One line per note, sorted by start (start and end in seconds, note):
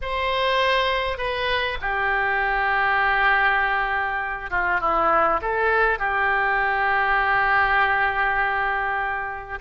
0.01 1.17 C5
1.17 1.77 B4
1.81 4.50 G4
4.50 4.80 F4
4.80 5.40 E4
5.41 5.98 A4
5.98 9.58 G4